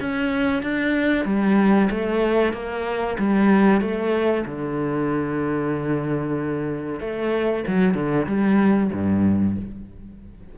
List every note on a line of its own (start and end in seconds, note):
0.00 0.62 C#4
0.62 1.25 D4
1.25 1.89 G3
1.90 2.53 A3
2.53 3.17 A#3
3.19 3.81 G3
3.81 4.44 A3
4.45 7.00 D3
7.00 7.64 A3
7.67 7.94 F#3
7.94 8.26 D3
8.27 8.90 G3
8.92 9.56 G2